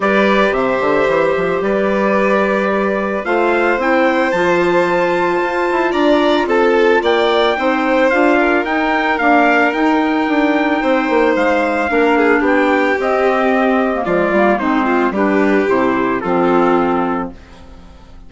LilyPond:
<<
  \new Staff \with { instrumentName = "trumpet" } { \time 4/4 \tempo 4 = 111 d''4 e''2 d''4~ | d''2 f''4 g''4 | a''2. ais''4 | a''4 g''2 f''4 |
g''4 f''4 g''2~ | g''4 f''2 g''4 | dis''2 d''4 c''4 | b'4 c''4 a'2 | }
  \new Staff \with { instrumentName = "violin" } { \time 4/4 b'4 c''2 b'4~ | b'2 c''2~ | c''2. d''4 | a'4 d''4 c''4. ais'8~ |
ais'1 | c''2 ais'8 gis'8 g'4~ | g'2 f'4 dis'8 f'8 | g'2 f'2 | }
  \new Staff \with { instrumentName = "clarinet" } { \time 4/4 g'1~ | g'2 f'4 e'4 | f'1~ | f'2 dis'4 f'4 |
dis'4 ais4 dis'2~ | dis'2 d'2 | c'4.~ c'16 ais16 gis8 ais8 c'4 | d'4 e'4 c'2 | }
  \new Staff \with { instrumentName = "bassoon" } { \time 4/4 g4 c8 d8 e8 f8 g4~ | g2 a4 c'4 | f2 f'8 e'8 d'4 | c'4 ais4 c'4 d'4 |
dis'4 d'4 dis'4 d'4 | c'8 ais8 gis4 ais4 b4 | c'2 f8 g8 gis4 | g4 c4 f2 | }
>>